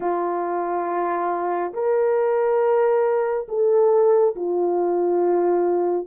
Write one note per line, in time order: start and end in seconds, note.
0.00 1.73 F4
1.73 3.47 A#4
3.48 4.35 A4
4.35 6.07 F4